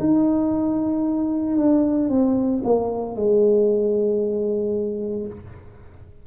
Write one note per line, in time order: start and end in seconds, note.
0.00 1.57 D#4
1.57 2.10 D4
2.10 2.62 C4
2.65 3.16 A#3
3.16 5.27 G#3